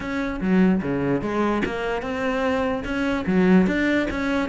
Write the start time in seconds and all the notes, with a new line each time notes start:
0.00 C#4
0.40 F#3
0.82 C#3
1.21 G#3
1.65 A#3
2.01 C4
2.84 C#4
3.26 F#3
3.67 D4
4.10 C#4